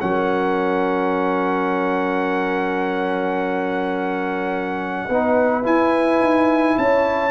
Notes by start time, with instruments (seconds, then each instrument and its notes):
0.00 tuba F#3, trombone C#4, horn A#4, trumpet F#5
5.07 tuba B3, trombone D#4, horn B4
5.63 trombone E4, tuba E4, trumpet G#5
6.20 tuba D#4
6.78 tuba C#4, horn C#5, trumpet A5